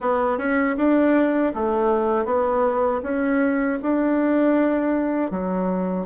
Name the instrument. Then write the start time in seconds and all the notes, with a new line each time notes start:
bassoon
0.00 B3
0.38 C#4
0.77 D4
1.54 A3
2.25 B3
3.02 C#4
3.82 D4
5.31 F#3